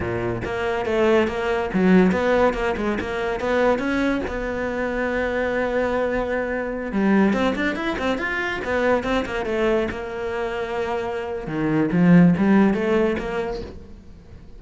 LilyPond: \new Staff \with { instrumentName = "cello" } { \time 4/4 \tempo 4 = 141 ais,4 ais4 a4 ais4 | fis4 b4 ais8 gis8 ais4 | b4 cis'4 b2~ | b1~ |
b16 g4 c'8 d'8 e'8 c'8 f'8.~ | f'16 b4 c'8 ais8 a4 ais8.~ | ais2. dis4 | f4 g4 a4 ais4 | }